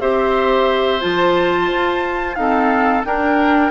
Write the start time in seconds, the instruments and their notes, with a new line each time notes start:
0.00 bassoon C4, clarinet G4, oboe C5, flute E5
1.00 bassoon F3, clarinet F4, flute A5
1.72 bassoon F4
2.35 clarinet C4, bassoon D#4, oboe A4, flute F5
3.05 clarinet D4, bassoon D4, oboe A#4, flute G5